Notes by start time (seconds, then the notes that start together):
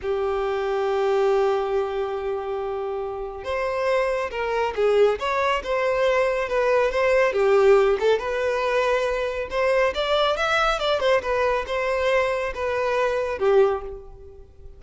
0.02 G4
3.44 C5
4.30 A#4
4.75 G#4
5.19 C#5
5.63 C5
6.48 B4
6.91 C5
7.33 G4
7.99 A4
8.18 B4
9.50 C5
9.94 D5
10.36 E5
10.79 D5
11.00 C5
11.22 B4
11.66 C5
12.54 B4
13.38 G4